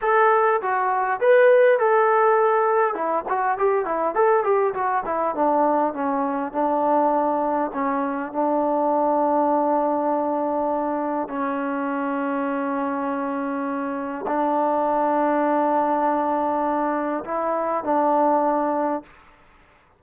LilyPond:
\new Staff \with { instrumentName = "trombone" } { \time 4/4 \tempo 4 = 101 a'4 fis'4 b'4 a'4~ | a'4 e'8 fis'8 g'8 e'8 a'8 g'8 | fis'8 e'8 d'4 cis'4 d'4~ | d'4 cis'4 d'2~ |
d'2. cis'4~ | cis'1 | d'1~ | d'4 e'4 d'2 | }